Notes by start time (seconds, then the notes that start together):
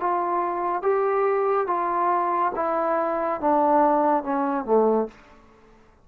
0.00 F4
0.83 G4
1.68 F4
2.56 E4
3.41 D4
4.24 C#4
4.66 A3